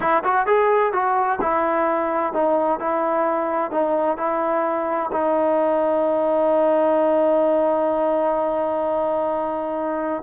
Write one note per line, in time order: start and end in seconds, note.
0.00 0.23 E4
0.24 0.46 F#4
0.46 0.92 G#4
0.92 1.39 F#4
1.41 2.33 E4
2.33 2.79 D#4
2.79 3.71 E4
3.71 4.17 D#4
4.17 5.10 E4
5.12 10.23 D#4